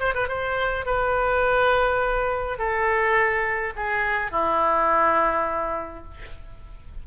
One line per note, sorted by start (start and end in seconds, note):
0.00 0.14 C5
0.15 0.28 B4
0.28 0.86 C5
0.86 2.59 B4
2.59 3.74 A4
3.76 4.32 G#4
4.32 6.05 E4